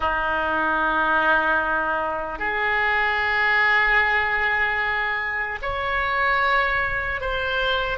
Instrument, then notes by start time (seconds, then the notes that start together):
oboe
0.00 D#4
2.39 G#4
5.61 C#5
7.20 C5